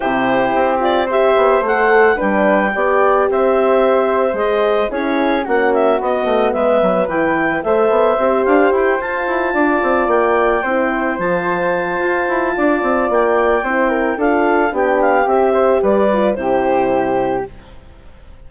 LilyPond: <<
  \new Staff \with { instrumentName = "clarinet" } { \time 4/4 \tempo 4 = 110 c''4. d''8 e''4 fis''4 | g''2 e''2 | dis''4 cis''4 fis''8 e''8 dis''4 | e''4 g''4 e''4. f''8 |
g''8 a''2 g''4.~ | g''8 a''2.~ a''8 | g''2 f''4 g''8 f''8 | e''4 d''4 c''2 | }
  \new Staff \with { instrumentName = "flute" } { \time 4/4 g'2 c''2 | b'4 d''4 c''2~ | c''4 gis'4 fis'2 | b'2 c''2~ |
c''4. d''2 c''8~ | c''2. d''4~ | d''4 c''8 ais'8 a'4 g'4~ | g'8 c''8 b'4 g'2 | }
  \new Staff \with { instrumentName = "horn" } { \time 4/4 e'4. f'8 g'4 a'4 | d'4 g'2. | gis'4 e'4 cis'4 b4~ | b4 e'4 a'4 g'4~ |
g'8 f'2. e'8~ | e'8 f'2.~ f'8~ | f'4 e'4 f'4 d'4 | g'4. f'8 e'2 | }
  \new Staff \with { instrumentName = "bassoon" } { \time 4/4 c4 c'4. b8 a4 | g4 b4 c'2 | gis4 cis'4 ais4 b8 a8 | gis8 fis8 e4 a8 b8 c'8 d'8 |
e'8 f'8 e'8 d'8 c'8 ais4 c'8~ | c'8 f4. f'8 e'8 d'8 c'8 | ais4 c'4 d'4 b4 | c'4 g4 c2 | }
>>